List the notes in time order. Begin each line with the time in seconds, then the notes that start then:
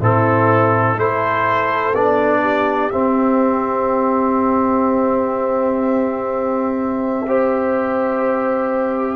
0.00 A2 C4 E4 A4
0.95 A3 E4 A4 C5
1.94 B3 D4 D5
2.41 G4
2.90 C4 E5
7.27 G4 C5